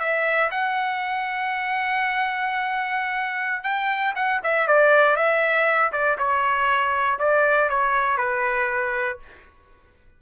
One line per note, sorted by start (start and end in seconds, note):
0.00 0.50 E5
0.51 3.64 F#5
3.64 4.14 G5
4.16 4.41 F#5
4.44 4.68 E5
4.68 5.17 D5
5.17 5.92 E5
5.93 6.18 D5
6.19 7.20 C#5
7.20 7.70 D5
7.70 8.18 C#5
8.18 9.19 B4